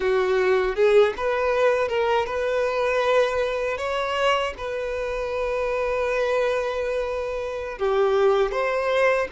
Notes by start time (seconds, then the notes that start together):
0.00 F#4
0.75 G#4
1.16 B4
1.88 A#4
2.26 B4
3.77 C#5
4.57 B4
7.78 G4
8.51 C5